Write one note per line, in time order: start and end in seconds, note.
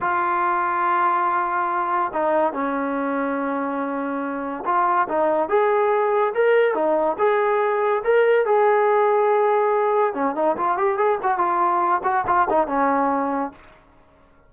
0.00 2.12 F4
2.13 2.52 D#4
2.52 4.64 C#4
4.65 5.07 F4
5.08 5.48 D#4
5.48 6.33 G#4
6.34 6.74 A#4
6.74 7.16 D#4
7.18 8.02 G#4
8.04 8.45 A#4
8.45 10.14 G#4
10.14 10.35 C#4
10.35 10.56 D#4
10.56 10.77 F4
10.77 10.97 G4
10.97 11.18 G#4
11.22 11.38 F#4
11.38 12.01 F4
12.03 12.24 F#4
12.27 12.48 F4
12.49 12.67 D#4
12.67 13.51 C#4